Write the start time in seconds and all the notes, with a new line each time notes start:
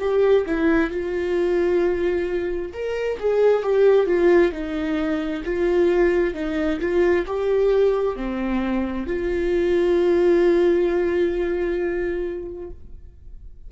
0.00 G4
0.46 E4
0.91 F4
2.74 A#4
3.19 G#4
3.63 G4
4.07 F4
4.52 D#4
5.45 F4
6.35 D#4
6.81 F4
7.26 G4
8.17 C4
9.07 F4